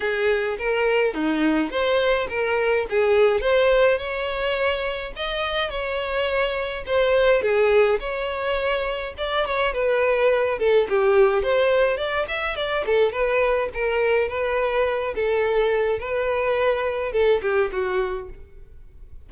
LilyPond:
\new Staff \with { instrumentName = "violin" } { \time 4/4 \tempo 4 = 105 gis'4 ais'4 dis'4 c''4 | ais'4 gis'4 c''4 cis''4~ | cis''4 dis''4 cis''2 | c''4 gis'4 cis''2 |
d''8 cis''8 b'4. a'8 g'4 | c''4 d''8 e''8 d''8 a'8 b'4 | ais'4 b'4. a'4. | b'2 a'8 g'8 fis'4 | }